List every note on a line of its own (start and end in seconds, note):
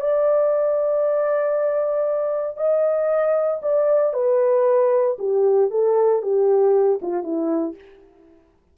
0.00 2.57 D5
2.57 3.60 D#5
3.62 4.13 D5
4.13 5.17 B4
5.18 5.70 G4
5.70 6.22 A4
6.22 6.99 G4
7.02 7.23 F4
7.23 7.75 E4